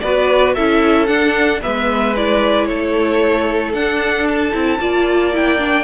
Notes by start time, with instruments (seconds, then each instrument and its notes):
0.00 cello B3, viola F#4, violin B4 D5
0.54 cello C#4, viola E4, violin A4 E5
1.06 viola D4, cello D4, violin F#5
1.61 cello G#3, viola B3, violin B4 E5
2.16 viola E4, violin D5
2.66 cello A3, violin A4 C#5
3.73 cello D4, viola D4, violin F#5
4.28 violin A5
4.52 cello C4, viola E4
4.79 cello A#3, viola F4, violin D5
5.33 viola E4, violin G5
5.58 viola D4